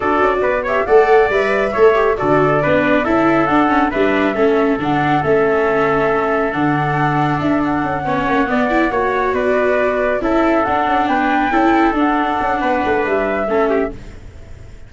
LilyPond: <<
  \new Staff \with { instrumentName = "flute" } { \time 4/4 \tempo 4 = 138 d''4. e''8 fis''4 e''4~ | e''4 d''2 e''4 | fis''4 e''2 fis''4 | e''2. fis''4~ |
fis''4 e''8 fis''2~ fis''8~ | fis''4. d''2 e''8~ | e''8 fis''4 g''2 fis''8~ | fis''2 e''2 | }
  \new Staff \with { instrumentName = "trumpet" } { \time 4/4 a'4 b'8 cis''8 d''2 | cis''4 a'4 b'4 a'4~ | a'4 b'4 a'2~ | a'1~ |
a'2~ a'8 cis''4 d''8~ | d''8 cis''4 b'2 a'8~ | a'4. b'4 a'4.~ | a'4 b'2 a'8 g'8 | }
  \new Staff \with { instrumentName = "viola" } { \time 4/4 fis'4. g'8 a'4 b'4 | a'8 g'8 fis'4 d'4 e'4 | d'8 cis'8 d'4 cis'4 d'4 | cis'2. d'4~ |
d'2~ d'8 cis'4 b8 | e'8 fis'2. e'8~ | e'8 d'2 e'4 d'8~ | d'2. cis'4 | }
  \new Staff \with { instrumentName = "tuba" } { \time 4/4 d'8 cis'8 b4 a4 g4 | a4 d4 b4 cis'4 | d'4 g4 a4 d4 | a2. d4~ |
d4 d'4 cis'8 b8 ais8 b8~ | b8 ais4 b2 cis'8~ | cis'8 d'8 cis'8 b4 cis'4 d'8~ | d'8 cis'8 b8 a8 g4 a4 | }
>>